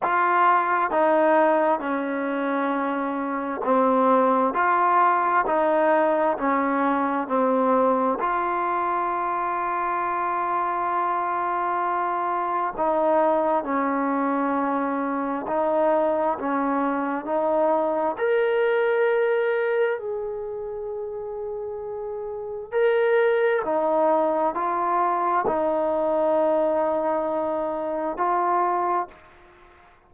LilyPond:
\new Staff \with { instrumentName = "trombone" } { \time 4/4 \tempo 4 = 66 f'4 dis'4 cis'2 | c'4 f'4 dis'4 cis'4 | c'4 f'2.~ | f'2 dis'4 cis'4~ |
cis'4 dis'4 cis'4 dis'4 | ais'2 gis'2~ | gis'4 ais'4 dis'4 f'4 | dis'2. f'4 | }